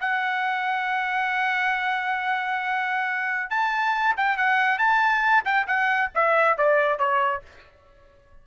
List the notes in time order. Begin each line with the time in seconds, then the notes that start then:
0.00 F#5
3.50 A5
4.17 G5
4.37 F#5
4.79 A5
5.45 G5
5.67 F#5
6.15 E5
6.58 D5
6.99 C#5